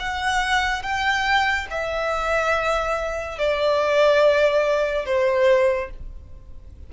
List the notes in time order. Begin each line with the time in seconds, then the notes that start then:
0.00 F#5
0.83 G5
1.71 E5
3.39 D5
5.06 C5